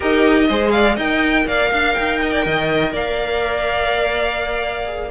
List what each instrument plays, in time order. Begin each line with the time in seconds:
0.00 cello D#4, viola G4, violin A#4 D#5
0.48 cello G#3, viola G#4, violin C5
0.71 violin D5 F5
0.95 cello D#4, viola A#4, violin D#5 G5
1.47 cello A#3, violin D5 F5
1.70 cello D4, violin F5
1.94 cello D#4, violin G5
2.21 violin D#5
2.32 violin D5
2.45 cello D#3, violin D#5
2.92 cello A#3, violin D5 F5
4.84 viola G#4